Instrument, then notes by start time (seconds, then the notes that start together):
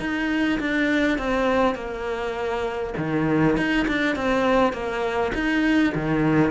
cello
0.00 D#4
0.60 D4
1.19 C4
1.75 A#3
2.98 D#3
3.57 D#4
3.88 D4
4.16 C4
4.73 A#3
5.34 D#4
5.95 D#3